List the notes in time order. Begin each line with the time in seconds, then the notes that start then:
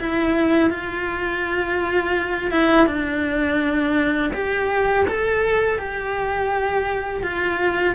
0.00 E4
0.71 F4
2.51 E4
2.87 D4
4.33 G4
5.08 A4
5.79 G4
7.23 F4